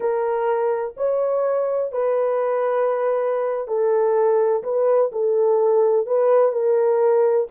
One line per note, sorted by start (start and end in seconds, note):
0.00 0.95 A#4
0.97 1.92 C#5
1.92 3.67 B4
3.67 4.63 A4
4.63 5.11 B4
5.11 6.06 A4
6.06 6.52 B4
6.52 7.47 A#4